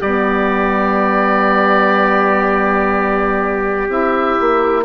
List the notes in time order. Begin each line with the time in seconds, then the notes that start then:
0.00 G3 B3 G4 D5
3.89 C4 E4 E5
4.40 A#3